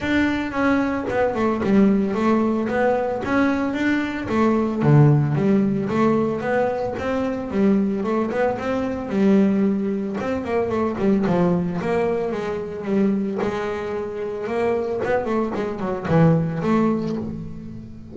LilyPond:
\new Staff \with { instrumentName = "double bass" } { \time 4/4 \tempo 4 = 112 d'4 cis'4 b8 a8 g4 | a4 b4 cis'4 d'4 | a4 d4 g4 a4 | b4 c'4 g4 a8 b8 |
c'4 g2 c'8 ais8 | a8 g8 f4 ais4 gis4 | g4 gis2 ais4 | b8 a8 gis8 fis8 e4 a4 | }